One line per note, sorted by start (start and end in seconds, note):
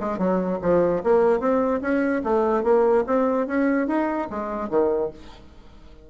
0.00 0.19 G#3
0.19 0.59 F#3
0.62 1.03 F3
1.04 1.40 A#3
1.40 1.81 C4
1.82 2.23 C#4
2.24 2.64 A3
2.64 3.05 A#3
3.07 3.47 C4
3.47 3.88 C#4
3.88 4.28 D#4
4.30 4.70 G#3
4.70 5.11 D#3